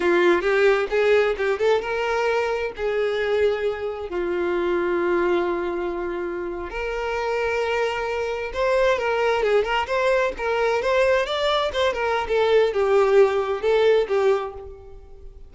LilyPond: \new Staff \with { instrumentName = "violin" } { \time 4/4 \tempo 4 = 132 f'4 g'4 gis'4 g'8 a'8 | ais'2 gis'2~ | gis'4 f'2.~ | f'2~ f'8. ais'4~ ais'16~ |
ais'2~ ais'8. c''4 ais'16~ | ais'8. gis'8 ais'8 c''4 ais'4 c''16~ | c''8. d''4 c''8 ais'8. a'4 | g'2 a'4 g'4 | }